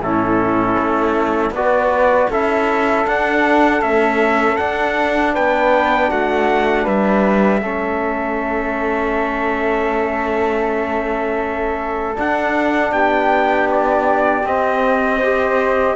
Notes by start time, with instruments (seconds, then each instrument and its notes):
0.00 cello A2, trombone C#4, flute E4, trumpet A4
0.78 cello A3
1.51 cello B3, flute B4, trumpet D5
1.57 trombone F#4
2.30 cello C#4, trombone E4, flute A4, trumpet E5
3.07 cello D4, trombone D4, trumpet F#5
3.82 trombone A3, cello C#4, trumpet E5
4.57 trombone D4, cello D4, trumpet F#5
5.34 cello B3, flute B4, trumpet G5
6.09 cello A3, flute F#4, trumpet F#5
6.84 cello G3, flute B4, trumpet E5
7.61 cello A3, trombone C#4, flute A4
12.16 trombone D4, cello D4, trumpet F#5
12.92 cello B3, flute G4, trumpet G5
13.71 trumpet D5
14.43 cello C4, trombone C4, trumpet D#5
15.19 trombone G4, flute C5